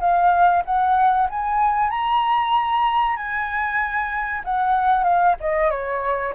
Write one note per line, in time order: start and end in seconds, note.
0.00 0.63 F5
0.65 1.28 F#5
1.29 1.90 G#5
1.90 3.16 A#5
3.16 4.42 G#5
4.44 5.04 F#5
5.04 5.35 F5
5.41 5.70 D#5
5.70 6.34 C#5